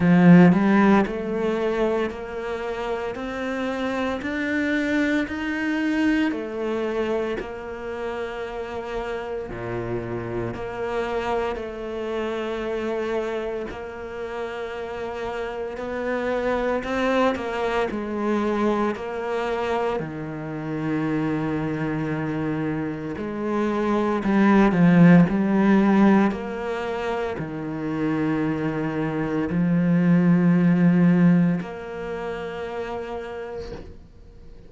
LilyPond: \new Staff \with { instrumentName = "cello" } { \time 4/4 \tempo 4 = 57 f8 g8 a4 ais4 c'4 | d'4 dis'4 a4 ais4~ | ais4 ais,4 ais4 a4~ | a4 ais2 b4 |
c'8 ais8 gis4 ais4 dis4~ | dis2 gis4 g8 f8 | g4 ais4 dis2 | f2 ais2 | }